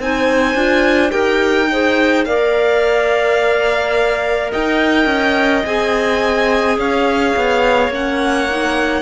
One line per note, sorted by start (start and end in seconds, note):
0.00 0.55 C4
0.00 0.56 D#4
0.00 1.12 C5
0.00 1.11 G#5
0.55 1.12 D4
0.55 1.10 F4
1.10 2.26 D#4
1.10 1.66 G4
1.10 1.69 A#4
1.10 2.25 G5
1.72 2.27 G#4
1.72 2.27 C5
2.25 4.53 A#3
2.25 5.66 A#4
2.25 4.51 D5
2.25 4.51 F5
4.51 5.06 D#4
4.51 6.78 D#5
4.51 5.66 G5
5.06 5.62 C#4
5.66 6.78 C4
5.66 7.92 G#4
5.66 6.79 G#5
6.78 7.35 C#4
6.78 9.02 C#5
6.78 7.92 F5
7.36 7.89 B3
7.89 9.02 A#3
7.89 8.49 C#4
7.89 9.02 F#5
8.50 9.02 D#4